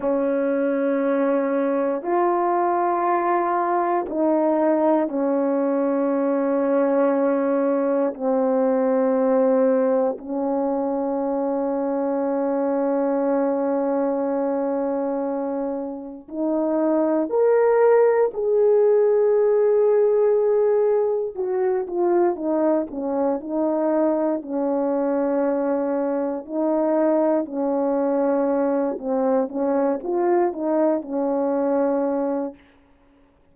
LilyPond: \new Staff \with { instrumentName = "horn" } { \time 4/4 \tempo 4 = 59 cis'2 f'2 | dis'4 cis'2. | c'2 cis'2~ | cis'1 |
dis'4 ais'4 gis'2~ | gis'4 fis'8 f'8 dis'8 cis'8 dis'4 | cis'2 dis'4 cis'4~ | cis'8 c'8 cis'8 f'8 dis'8 cis'4. | }